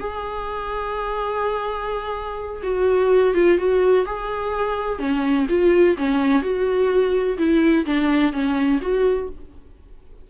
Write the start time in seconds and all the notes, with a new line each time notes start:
0.00 G#4
2.63 F#4
3.34 F4
3.58 F#4
4.06 G#4
4.99 C#4
5.49 F4
5.97 C#4
6.42 F#4
7.38 E4
7.86 D4
8.33 C#4
8.82 F#4